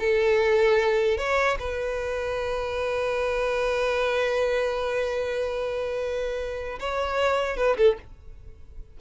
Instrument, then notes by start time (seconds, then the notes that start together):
violin
0.00 A4
1.18 C#5
1.60 B4
6.80 C#5
7.57 B4
7.78 A4